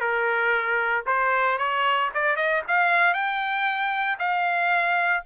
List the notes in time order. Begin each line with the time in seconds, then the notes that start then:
0.00 A#4
1.06 C5
1.58 C#5
2.14 D5
2.36 D#5
2.68 F5
3.14 G5
4.19 F5